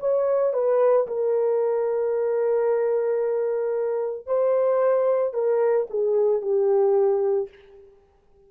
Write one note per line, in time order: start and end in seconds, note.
0.00 0.54 C#5
0.54 1.07 B4
1.08 4.27 A#4
4.27 5.34 C5
5.34 5.88 A#4
5.90 6.42 G#4
6.42 7.50 G4